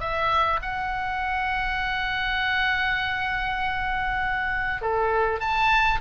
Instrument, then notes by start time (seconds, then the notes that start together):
oboe
0.00 E5
0.62 F#5
4.82 A4
5.40 A5